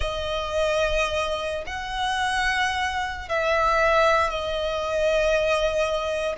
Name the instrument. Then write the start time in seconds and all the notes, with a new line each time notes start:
violin
0.00 D#5
1.66 F#5
3.28 E5
4.30 D#5